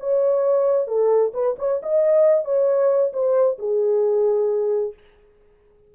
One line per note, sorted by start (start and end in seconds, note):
0.00 0.88 C#5
0.88 1.33 A4
1.34 1.57 B4
1.59 1.82 C#5
1.83 2.45 D#5
2.45 3.13 C#5
3.14 3.59 C5
3.59 4.94 G#4